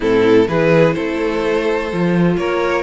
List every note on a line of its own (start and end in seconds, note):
0.00 0.47 A2
0.00 0.46 C4
0.00 0.46 E4
0.00 0.48 A4
0.47 0.95 E3
0.47 1.90 E4
0.47 0.95 G#4
0.47 0.93 B4
0.93 1.92 A3
0.93 2.37 A4
0.93 2.36 C5
1.92 2.37 F3
1.92 2.83 F4
2.37 2.83 A#3
2.37 2.83 A#4
2.37 2.83 C#5